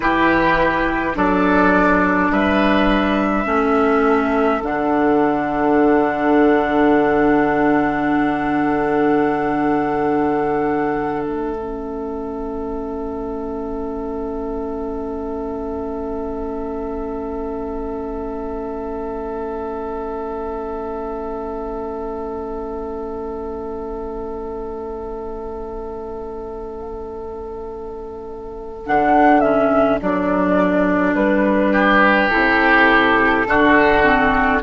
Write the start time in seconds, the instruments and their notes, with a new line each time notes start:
0.00 bassoon E3, clarinet E4, oboe G4, flute B4
1.14 bassoon F#3, clarinet D4, oboe A4, flute D5
2.30 bassoon G3, oboe B4, flute E5
3.45 bassoon A3, clarinet C#4, oboe A4
4.63 bassoon D3, clarinet D4, flute F#5
11.22 bassoon A3, flute E5
11.56 clarinet C#4
28.86 bassoon D3, clarinet D4, flute F#5
29.40 clarinet C#4, flute E5
30.00 bassoon F#3, clarinet D4, flute D5
31.13 bassoon G3, flute B4
31.72 oboe G4
32.29 bassoon C3, clarinet E4, flute A4
33.46 bassoon D3, clarinet D4, oboe F#4
34.03 clarinet C4